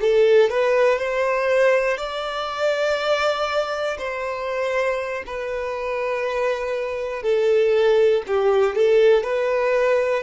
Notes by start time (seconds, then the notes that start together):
0.00 A4
0.49 B4
0.99 C5
1.97 D5
3.98 C5
5.26 B4
7.22 A4
8.27 G4
8.75 A4
9.23 B4